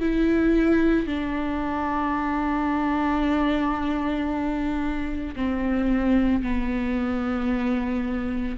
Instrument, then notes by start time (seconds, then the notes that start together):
viola
0.00 E4
1.06 D4
5.36 C4
6.42 B3